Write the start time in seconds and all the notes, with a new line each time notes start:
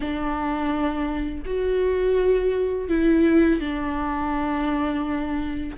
0.00 D4
1.45 F#4
2.88 E4
3.60 D4